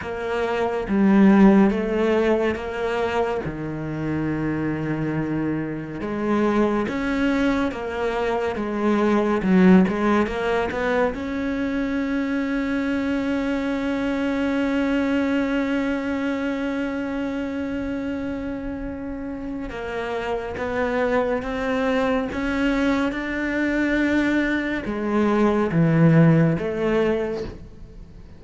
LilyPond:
\new Staff \with { instrumentName = "cello" } { \time 4/4 \tempo 4 = 70 ais4 g4 a4 ais4 | dis2. gis4 | cis'4 ais4 gis4 fis8 gis8 | ais8 b8 cis'2.~ |
cis'1~ | cis'2. ais4 | b4 c'4 cis'4 d'4~ | d'4 gis4 e4 a4 | }